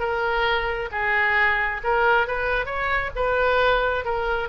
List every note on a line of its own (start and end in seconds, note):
0.00 0.90 A#4
0.92 1.82 G#4
1.84 2.28 A#4
2.28 2.66 B4
2.66 3.11 C#5
3.16 4.05 B4
4.05 4.49 A#4